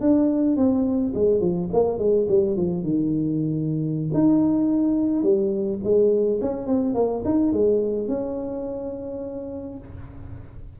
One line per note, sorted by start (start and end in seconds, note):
0.00 0.56 D4
0.56 1.13 C4
1.14 1.40 G#3
1.40 1.68 F3
1.73 1.98 A#3
1.98 2.27 G#3
2.28 2.56 G3
2.56 2.83 F3
2.83 4.10 D#3
4.13 5.23 D#4
5.23 5.79 G3
5.83 6.40 G#3
6.41 6.67 C#4
6.67 6.94 C4
6.94 7.22 A#3
7.24 7.52 D#4
7.52 8.08 G#3
8.08 9.77 C#4